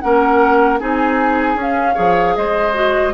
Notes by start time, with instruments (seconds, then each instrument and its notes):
0.00 bassoon A#3, clarinet C#4, oboe A#4, flute F#5
0.79 bassoon C4, clarinet D#4, oboe G#4, flute G#5
1.55 bassoon C#4, clarinet C#4, flute F5
1.94 bassoon F3, clarinet G#4, oboe C#5
2.36 bassoon G#3, oboe C5, flute D#5
2.73 clarinet F#4